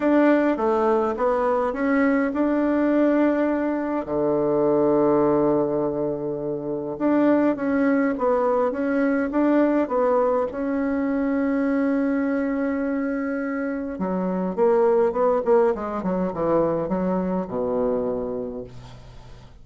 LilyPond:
\new Staff \with { instrumentName = "bassoon" } { \time 4/4 \tempo 4 = 103 d'4 a4 b4 cis'4 | d'2. d4~ | d1 | d'4 cis'4 b4 cis'4 |
d'4 b4 cis'2~ | cis'1 | fis4 ais4 b8 ais8 gis8 fis8 | e4 fis4 b,2 | }